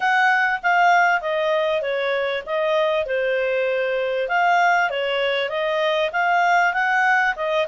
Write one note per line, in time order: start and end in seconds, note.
0.00 0.60 F#5
0.63 1.21 F5
1.21 1.81 D#5
1.81 2.43 C#5
2.46 3.06 D#5
3.06 4.28 C5
4.28 4.90 F5
4.90 5.49 C#5
5.49 6.10 D#5
6.12 6.73 F5
6.73 7.34 F#5
7.36 7.66 D#5